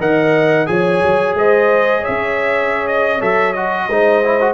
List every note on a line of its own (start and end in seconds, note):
0.00 0.67 D#3
0.00 0.66 A#4
0.00 0.68 D#5
0.00 0.66 F#5
0.66 1.02 F3
0.66 3.19 G#4
0.66 1.37 C#5
0.66 1.34 G#5
1.02 1.34 F#3
1.34 2.01 G#3
1.34 2.01 C5
1.34 2.04 D#5
2.01 3.86 C#5
2.01 2.87 E5
2.08 3.21 C#4
2.87 3.21 D#5
3.20 3.88 F#3
3.20 3.54 A4
3.20 3.53 E5
3.53 3.89 F#4
3.53 4.54 D#5
3.88 4.54 G#3
3.88 4.23 D#4
3.88 4.54 C5
4.23 4.40 E4
4.40 4.54 F#4